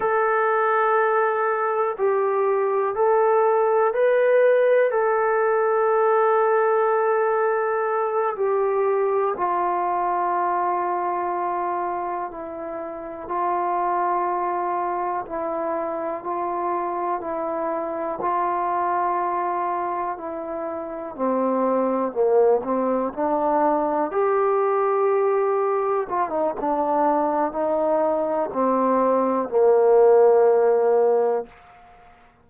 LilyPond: \new Staff \with { instrumentName = "trombone" } { \time 4/4 \tempo 4 = 61 a'2 g'4 a'4 | b'4 a'2.~ | a'8 g'4 f'2~ f'8~ | f'8 e'4 f'2 e'8~ |
e'8 f'4 e'4 f'4.~ | f'8 e'4 c'4 ais8 c'8 d'8~ | d'8 g'2 f'16 dis'16 d'4 | dis'4 c'4 ais2 | }